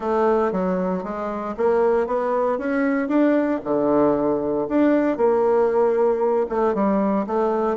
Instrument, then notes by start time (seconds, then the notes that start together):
bassoon
0.00 A3
0.51 F#3
1.03 G#3
1.57 A#3
2.06 B3
2.58 C#4
3.08 D4
3.64 D3
4.68 D4
5.17 A#3
6.49 A3
6.74 G3
7.26 A3